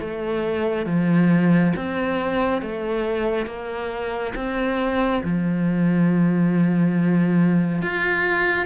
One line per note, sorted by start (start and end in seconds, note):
0.00 0.86 A3
0.86 1.73 F3
1.76 2.62 C4
2.62 3.46 A3
3.46 4.33 A#3
4.35 5.22 C4
5.23 7.82 F3
7.82 8.66 F4